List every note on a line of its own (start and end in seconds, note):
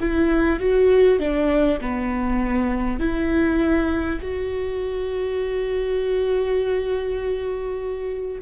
0.00 0.59 E4
0.59 1.19 F#4
1.19 1.79 D4
1.81 2.99 B3
2.99 4.19 E4
4.21 8.41 F#4